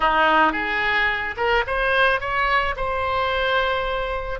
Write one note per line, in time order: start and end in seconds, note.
0.00 0.52 D#4
0.52 1.35 G#4
1.36 1.64 A#4
1.67 2.20 C5
2.20 2.75 C#5
2.76 4.40 C5